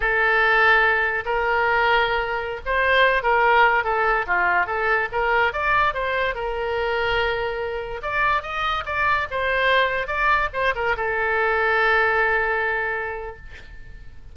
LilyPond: \new Staff \with { instrumentName = "oboe" } { \time 4/4 \tempo 4 = 144 a'2. ais'4~ | ais'2~ ais'16 c''4. ais'16~ | ais'4~ ais'16 a'4 f'4 a'8.~ | a'16 ais'4 d''4 c''4 ais'8.~ |
ais'2.~ ais'16 d''8.~ | d''16 dis''4 d''4 c''4.~ c''16~ | c''16 d''4 c''8 ais'8 a'4.~ a'16~ | a'1 | }